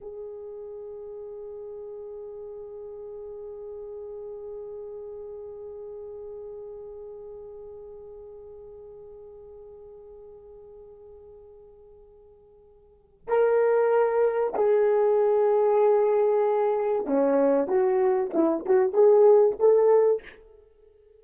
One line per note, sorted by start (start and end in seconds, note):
0.00 13.27 G#4
13.27 14.53 A#4
14.54 17.06 G#4
17.06 17.67 C#4
17.67 18.30 F#4
18.33 18.65 E4
18.65 18.93 F#4
18.93 19.56 G#4
19.59 20.22 A4